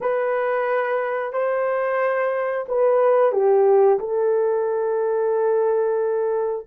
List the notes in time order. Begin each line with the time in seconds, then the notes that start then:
0.00 B4
1.32 C5
2.68 B4
3.32 G4
3.99 A4